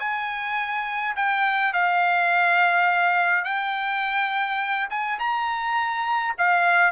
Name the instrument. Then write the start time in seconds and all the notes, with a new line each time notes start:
trumpet
0.00 G#5
1.16 G5
1.74 F5
3.45 G5
4.90 G#5
5.20 A#5
6.38 F5